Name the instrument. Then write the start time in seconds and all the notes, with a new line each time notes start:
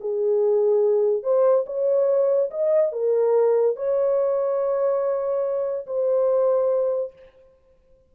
horn
0.00 G#4
1.23 C5
1.66 C#5
2.50 D#5
2.92 A#4
3.76 C#5
5.86 C5